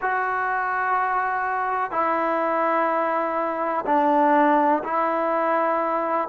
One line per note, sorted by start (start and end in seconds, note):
0.01 1.91 F#4
1.91 3.84 E4
3.86 4.83 D4
4.83 6.28 E4